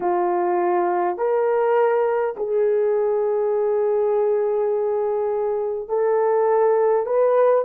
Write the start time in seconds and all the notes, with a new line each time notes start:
0.00 F4
1.17 A#4
2.36 G#4
5.88 A4
7.06 B4